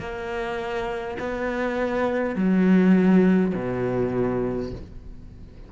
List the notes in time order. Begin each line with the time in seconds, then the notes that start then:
0.00 A#3
1.19 B3
2.36 F#3
3.55 B2